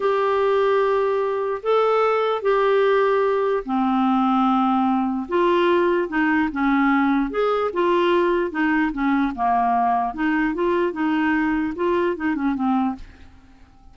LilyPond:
\new Staff \with { instrumentName = "clarinet" } { \time 4/4 \tempo 4 = 148 g'1 | a'2 g'2~ | g'4 c'2.~ | c'4 f'2 dis'4 |
cis'2 gis'4 f'4~ | f'4 dis'4 cis'4 ais4~ | ais4 dis'4 f'4 dis'4~ | dis'4 f'4 dis'8 cis'8 c'4 | }